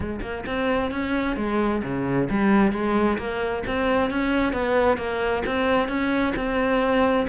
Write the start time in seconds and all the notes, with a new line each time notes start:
0.00 G#3
0.21 A#3
0.46 C4
0.91 C#4
1.36 G#3
1.83 C#3
2.30 G3
2.72 G#3
3.17 A#3
3.66 C4
4.10 C#4
4.52 B3
4.97 A#3
5.46 C4
5.88 C#4
6.35 C4